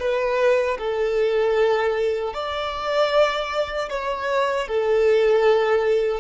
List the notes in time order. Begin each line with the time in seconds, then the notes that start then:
0.00 B4
0.79 A4
2.34 D5
3.90 C#5
4.68 A4